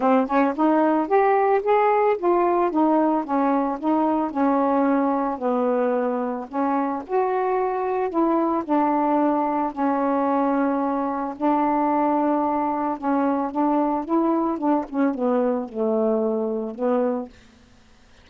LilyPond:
\new Staff \with { instrumentName = "saxophone" } { \time 4/4 \tempo 4 = 111 c'8 cis'8 dis'4 g'4 gis'4 | f'4 dis'4 cis'4 dis'4 | cis'2 b2 | cis'4 fis'2 e'4 |
d'2 cis'2~ | cis'4 d'2. | cis'4 d'4 e'4 d'8 cis'8 | b4 a2 b4 | }